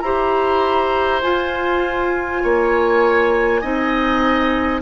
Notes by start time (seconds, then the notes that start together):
0.00 E4 G4 C5 A#5
1.22 F4 G#5
2.43 A#3 C#5
3.61 C4 D#4 D#5